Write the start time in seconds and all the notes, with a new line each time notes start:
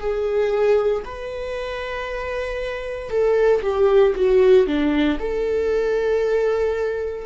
0.00 G#4
1.05 B4
3.10 A4
3.63 G4
4.16 F#4
4.67 D4
5.20 A4